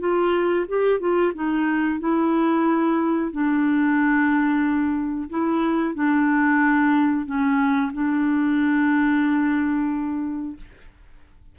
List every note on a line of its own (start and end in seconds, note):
0.00 0.66 F4
0.69 1.00 G4
1.00 1.33 F4
1.35 2.00 D#4
2.00 3.32 E4
3.32 5.30 D4
5.30 5.95 E4
5.95 7.26 D4
7.26 7.92 C#4
7.93 10.57 D4